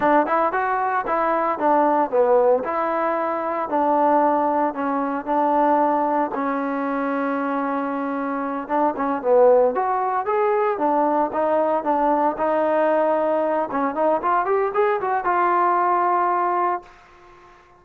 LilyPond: \new Staff \with { instrumentName = "trombone" } { \time 4/4 \tempo 4 = 114 d'8 e'8 fis'4 e'4 d'4 | b4 e'2 d'4~ | d'4 cis'4 d'2 | cis'1~ |
cis'8 d'8 cis'8 b4 fis'4 gis'8~ | gis'8 d'4 dis'4 d'4 dis'8~ | dis'2 cis'8 dis'8 f'8 g'8 | gis'8 fis'8 f'2. | }